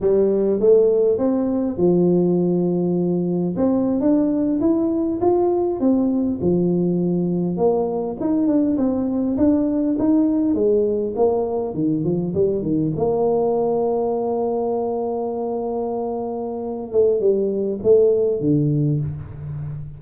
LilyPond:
\new Staff \with { instrumentName = "tuba" } { \time 4/4 \tempo 4 = 101 g4 a4 c'4 f4~ | f2 c'8. d'4 e'16~ | e'8. f'4 c'4 f4~ f16~ | f8. ais4 dis'8 d'8 c'4 d'16~ |
d'8. dis'4 gis4 ais4 dis16~ | dis16 f8 g8 dis8 ais2~ ais16~ | ais1~ | ais8 a8 g4 a4 d4 | }